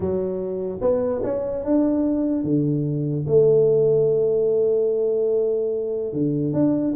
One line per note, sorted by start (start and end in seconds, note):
0.00 0.80 F#3
0.81 1.21 B3
1.23 1.64 C#4
1.64 2.43 D4
2.43 3.25 D3
3.27 6.12 A3
6.12 6.53 D3
6.53 6.94 D4